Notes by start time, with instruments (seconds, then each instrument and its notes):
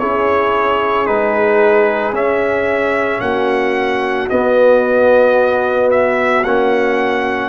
0.00 tuba C#4, trombone E4, horn G#4, trumpet C#5
1.07 tuba G#3, trombone D#4, trumpet B4
2.13 tuba C#4, trombone C#4, trumpet E5
3.21 tuba A#3, horn F#4, trumpet F#5
4.30 trombone B3, tuba B3, trumpet D#5
5.91 trumpet E5
6.44 tuba A#3, trombone C#4, trumpet F#5